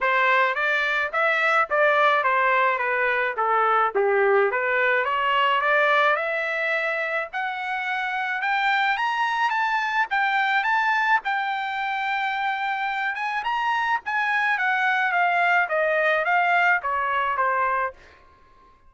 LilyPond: \new Staff \with { instrumentName = "trumpet" } { \time 4/4 \tempo 4 = 107 c''4 d''4 e''4 d''4 | c''4 b'4 a'4 g'4 | b'4 cis''4 d''4 e''4~ | e''4 fis''2 g''4 |
ais''4 a''4 g''4 a''4 | g''2.~ g''8 gis''8 | ais''4 gis''4 fis''4 f''4 | dis''4 f''4 cis''4 c''4 | }